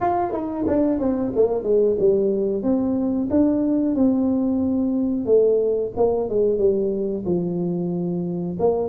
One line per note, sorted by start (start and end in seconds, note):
0.00 0.32 F4
0.32 0.65 D#4
0.67 0.99 D4
0.99 1.32 C4
1.35 1.63 A#3
1.63 1.96 G#3
1.99 2.62 G3
2.62 3.28 C4
3.30 3.95 D4
3.95 5.25 C4
5.25 5.91 A3
5.96 6.29 A#3
6.29 6.58 G#3
6.58 7.24 G3
7.25 8.57 F3
8.59 8.88 A#3